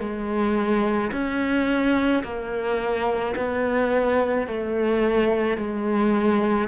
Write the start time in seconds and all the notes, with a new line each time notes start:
0.00 G#3
1.12 C#4
2.24 A#3
3.36 B3
4.47 A3
5.57 G#3